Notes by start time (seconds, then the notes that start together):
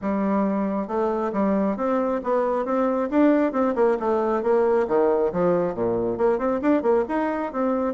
0.01 G3
0.87 A3
1.32 G3
1.76 C4
2.23 B3
2.65 C4
3.10 D4
3.52 C4
3.75 A#3
3.99 A3
4.42 A#3
4.87 D#3
5.32 F3
5.74 A#2
6.17 A#3
6.38 C4
6.61 D4
6.82 A#3
7.08 D#4
7.52 C4